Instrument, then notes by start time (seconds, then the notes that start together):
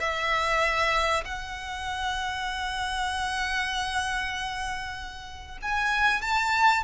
violin
0.00 E5
1.25 F#5
5.62 G#5
6.22 A5